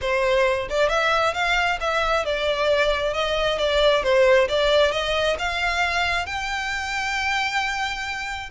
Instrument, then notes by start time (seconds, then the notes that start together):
violin
0.01 C5
0.69 D5
0.89 E5
1.34 F5
1.80 E5
2.25 D5
3.13 D#5
3.58 D5
4.03 C5
4.48 D5
4.91 D#5
5.39 F5
6.26 G5